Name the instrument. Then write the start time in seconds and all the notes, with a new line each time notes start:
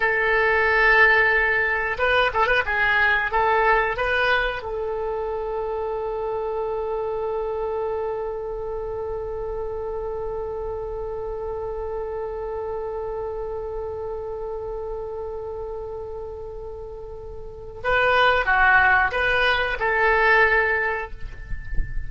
oboe
0.00 A4
1.98 B4
2.33 A4
2.46 B4
2.65 G#4
3.31 A4
3.96 B4
4.62 A4
17.83 B4
18.45 F#4
19.11 B4
19.79 A4